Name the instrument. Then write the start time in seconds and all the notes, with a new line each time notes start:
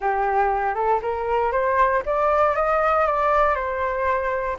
flute
0.00 G4
0.75 A4
1.02 A#4
1.51 C5
2.05 D5
2.55 D#5
3.06 D5
3.55 C5